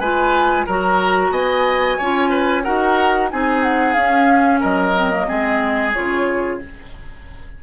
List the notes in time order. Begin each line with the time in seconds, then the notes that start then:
0.00 G#3 F4 B4 G#5
0.67 F#3 F#4 A#4 A#5
1.31 B3 D#5 G#5
1.98 C#4 F4 C#5
2.30 B4
2.64 D#4 F#4 A#4 F#5
3.31 C4 D#4 G#4 G#5
3.63 F#5
3.94 C#4 F5
4.00 C#4
4.60 F#3 A#4 D#5
4.96 C4
5.12 A#3
5.27 G#3 C4 G#4
5.93 C#3 F4 C#5